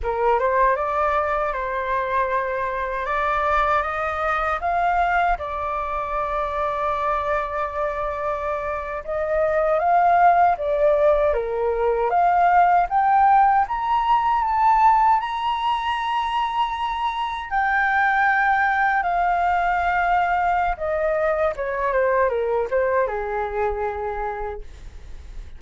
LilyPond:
\new Staff \with { instrumentName = "flute" } { \time 4/4 \tempo 4 = 78 ais'8 c''8 d''4 c''2 | d''4 dis''4 f''4 d''4~ | d''2.~ d''8. dis''16~ | dis''8. f''4 d''4 ais'4 f''16~ |
f''8. g''4 ais''4 a''4 ais''16~ | ais''2~ ais''8. g''4~ g''16~ | g''8. f''2~ f''16 dis''4 | cis''8 c''8 ais'8 c''8 gis'2 | }